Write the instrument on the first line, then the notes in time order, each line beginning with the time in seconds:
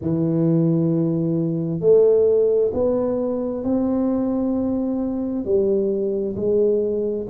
tuba
0.01 E3
1.80 A3
2.73 B3
3.64 C4
5.44 G3
6.36 G#3